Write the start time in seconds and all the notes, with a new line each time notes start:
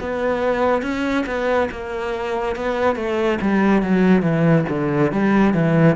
0.00 B3
0.82 C#4
1.26 B3
1.71 A#3
2.56 B3
2.96 A3
3.41 G3
3.82 F#3
4.22 E3
4.69 D3
5.12 G3
5.54 E3